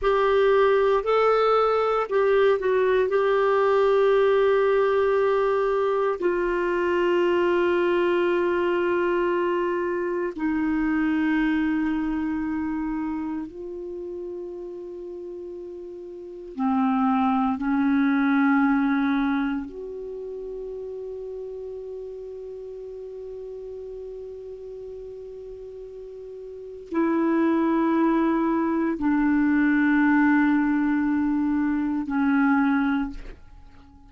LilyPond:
\new Staff \with { instrumentName = "clarinet" } { \time 4/4 \tempo 4 = 58 g'4 a'4 g'8 fis'8 g'4~ | g'2 f'2~ | f'2 dis'2~ | dis'4 f'2. |
c'4 cis'2 fis'4~ | fis'1~ | fis'2 e'2 | d'2. cis'4 | }